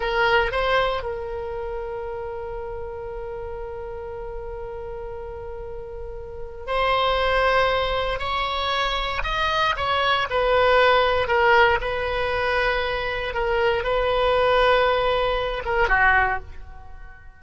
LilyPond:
\new Staff \with { instrumentName = "oboe" } { \time 4/4 \tempo 4 = 117 ais'4 c''4 ais'2~ | ais'1~ | ais'1~ | ais'4 c''2. |
cis''2 dis''4 cis''4 | b'2 ais'4 b'4~ | b'2 ais'4 b'4~ | b'2~ b'8 ais'8 fis'4 | }